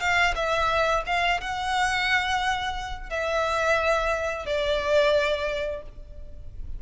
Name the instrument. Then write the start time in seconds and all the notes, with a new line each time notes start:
violin
0.00 F5
0.35 E5
1.06 F5
1.40 F#5
3.10 E5
4.46 D5